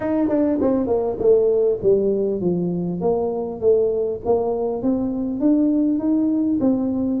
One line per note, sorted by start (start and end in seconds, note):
0.00 0.28 D#4
0.28 0.58 D4
0.61 0.86 C4
0.86 1.16 A#3
1.18 1.78 A3
1.82 2.40 G3
2.40 3.00 F3
3.00 3.60 A#3
3.60 4.20 A3
4.25 4.82 A#3
4.82 5.40 C4
5.40 5.98 D4
5.98 6.58 D#4
6.60 7.20 C4